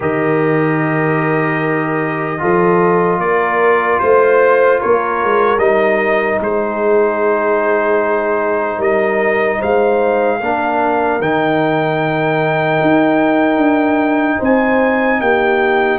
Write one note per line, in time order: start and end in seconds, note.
0.00 2.41 D#3
0.00 2.38 G4
0.00 2.39 A#4
0.00 3.20 D#5
2.38 3.18 F3
2.38 5.58 F4
2.38 3.21 A4
3.18 3.98 A#3
3.18 4.00 A#4
3.18 3.99 D5
3.99 4.81 A3
3.99 4.79 C5
3.99 4.80 C5
4.80 5.23 A#3
4.80 6.40 A#4
4.80 5.58 C#5
5.23 5.58 G#3
5.58 6.38 G3
5.58 10.40 D#4
5.58 6.39 D#5
6.40 8.78 G#3
6.40 8.78 G#4
6.40 8.81 C5
8.78 9.58 G3
8.78 9.58 A#4
8.78 9.61 D#5
9.58 10.40 G#3
9.58 10.38 C5
9.58 11.21 F5
10.40 11.20 A#3
10.40 11.21 D4
10.40 14.37 A#4
11.20 12.80 D#3
11.20 15.98 D#4
11.20 14.41 G5
12.81 13.56 D#4
13.56 14.36 D4
14.37 15.20 C4
14.37 15.17 C5
14.43 15.20 G#5
15.20 15.98 A#3
15.20 15.98 G4
15.20 15.98 G5